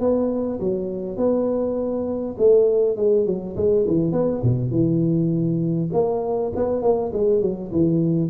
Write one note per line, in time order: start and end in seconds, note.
0.00 0.59 B3
0.60 1.16 F#3
1.16 2.35 B3
2.38 2.96 A3
2.96 3.26 G#3
3.26 3.56 F#3
3.56 3.86 G#3
3.87 4.12 E3
4.12 4.41 B3
4.43 4.71 B2
4.71 5.90 E3
5.93 6.52 A#3
6.55 6.82 B3
6.82 7.12 A#3
7.13 7.41 G#3
7.41 7.71 F#3
7.71 8.30 E3